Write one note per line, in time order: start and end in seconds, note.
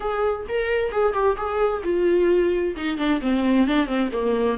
0.00 0.46 G#4
0.48 0.91 A#4
0.91 1.13 G#4
1.13 1.36 G4
1.36 1.82 G#4
1.83 2.75 F4
2.76 2.97 D#4
2.97 3.20 D4
3.21 3.67 C4
3.67 3.86 D4
3.86 4.09 C4
4.12 4.58 A#3